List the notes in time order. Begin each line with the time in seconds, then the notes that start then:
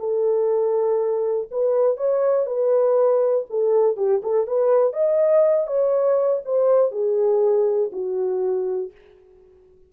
0.00 A4
1.51 B4
1.97 C#5
2.47 B4
3.50 A4
3.97 G4
4.23 A4
4.47 B4
4.93 D#5
5.68 C#5
6.46 C5
6.92 G#4
7.93 F#4